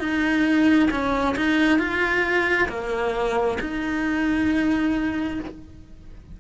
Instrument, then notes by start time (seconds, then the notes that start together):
cello
0.00 D#4
0.91 C#4
1.37 D#4
1.79 F4
2.69 A#3
3.61 D#4